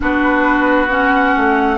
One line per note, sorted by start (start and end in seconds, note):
0.00 1.35 B3
0.00 0.88 D4
0.00 1.78 F#4
0.00 0.90 B4
0.89 1.78 C#4
0.89 1.78 F#5
1.36 1.78 A3